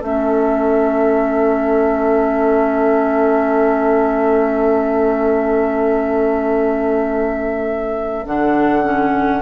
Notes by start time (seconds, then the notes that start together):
0.00 A3 C#4 A4 E5
8.26 D3 D4 F#5
8.84 C#4